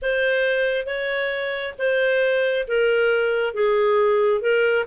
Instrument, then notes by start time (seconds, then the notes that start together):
clarinet
0.01 C5
0.86 C#5
1.78 C5
2.67 A#4
3.54 G#4
4.41 A#4